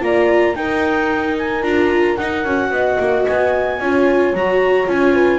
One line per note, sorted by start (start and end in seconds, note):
0.00 0.55 A#3
0.00 0.54 F4
0.00 0.56 D5
0.00 0.55 A#5
0.55 1.62 D#4
0.55 1.63 D#4
0.55 2.72 A#4
0.55 1.36 G5
1.37 1.62 G#5
1.62 2.17 D4
1.62 2.17 F4
1.62 2.16 A#5
2.16 2.45 D#4
2.16 2.44 D#4
2.16 3.25 F#5
2.44 2.70 C#4
2.44 3.80 F#4
2.70 2.97 B3
2.70 3.79 D#5
2.99 3.26 A#3
3.27 3.79 B3
3.27 4.35 G#5
3.79 4.33 C#4
3.79 4.35 F4
3.79 5.14 C#5
4.33 4.87 F#3
4.33 4.86 F#4
4.33 4.89 A#5
4.86 5.39 C#4
4.86 5.39 F4
4.86 5.39 G#5
5.14 5.39 B4